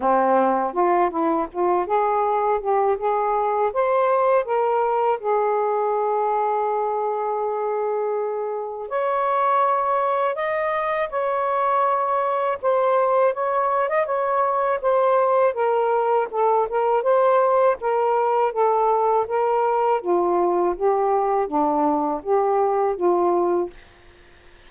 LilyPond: \new Staff \with { instrumentName = "saxophone" } { \time 4/4 \tempo 4 = 81 c'4 f'8 e'8 f'8 gis'4 g'8 | gis'4 c''4 ais'4 gis'4~ | gis'1 | cis''2 dis''4 cis''4~ |
cis''4 c''4 cis''8. dis''16 cis''4 | c''4 ais'4 a'8 ais'8 c''4 | ais'4 a'4 ais'4 f'4 | g'4 d'4 g'4 f'4 | }